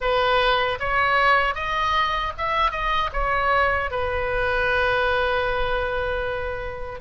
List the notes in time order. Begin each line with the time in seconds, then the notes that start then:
0.00 B4
0.79 C#5
1.54 D#5
2.37 E5
2.71 D#5
3.12 C#5
3.90 B4